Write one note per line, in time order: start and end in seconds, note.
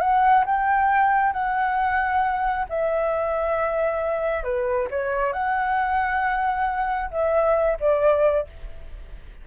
0.00 0.44 F#5
0.45 1.33 G5
1.33 2.66 F#5
2.69 4.43 E5
4.43 4.88 B4
4.90 5.33 C#5
5.33 7.10 F#5
7.11 7.77 E5
7.80 8.47 D5